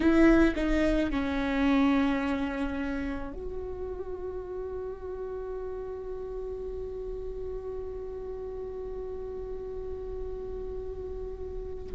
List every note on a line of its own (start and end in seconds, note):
0.00 0.54 E4
0.56 1.11 D#4
1.11 3.33 C#4
3.33 11.94 F#4